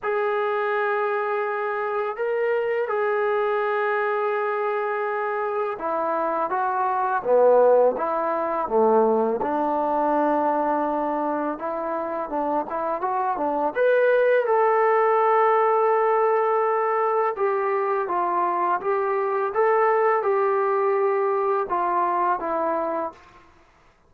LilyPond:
\new Staff \with { instrumentName = "trombone" } { \time 4/4 \tempo 4 = 83 gis'2. ais'4 | gis'1 | e'4 fis'4 b4 e'4 | a4 d'2. |
e'4 d'8 e'8 fis'8 d'8 b'4 | a'1 | g'4 f'4 g'4 a'4 | g'2 f'4 e'4 | }